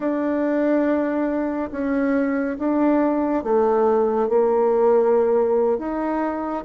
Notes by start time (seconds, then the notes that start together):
0.00 D4
1.71 C#4
2.59 D4
3.43 A3
4.28 A#3
5.78 D#4